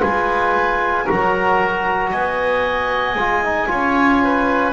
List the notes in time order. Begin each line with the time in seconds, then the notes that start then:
0.00 G#3 F4 B4 G#5
1.05 F#4 A#4 A#5
1.11 F#3
2.11 B3 D#5 G#5
3.15 G#3 F4
3.45 D#4
3.68 C#4 F4 C#5
4.24 B4